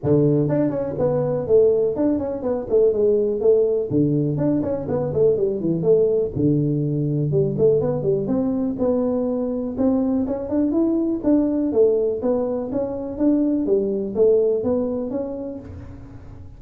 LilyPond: \new Staff \with { instrumentName = "tuba" } { \time 4/4 \tempo 4 = 123 d4 d'8 cis'8 b4 a4 | d'8 cis'8 b8 a8 gis4 a4 | d4 d'8 cis'8 b8 a8 g8 e8 | a4 d2 g8 a8 |
b8 g8 c'4 b2 | c'4 cis'8 d'8 e'4 d'4 | a4 b4 cis'4 d'4 | g4 a4 b4 cis'4 | }